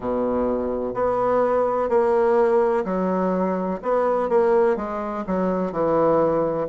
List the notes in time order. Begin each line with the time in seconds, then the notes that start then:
0.00 B2
0.94 B3
1.89 A#3
2.84 F#3
3.82 B3
4.29 A#3
4.76 G#3
5.26 F#3
5.71 E3